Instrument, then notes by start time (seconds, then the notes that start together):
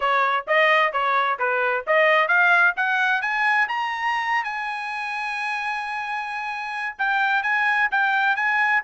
trumpet
0.00 C#5
0.47 D#5
0.92 C#5
1.38 B4
1.87 D#5
2.28 F5
2.76 F#5
3.21 G#5
3.68 A#5
4.44 G#5
6.98 G5
7.42 G#5
7.91 G5
8.35 G#5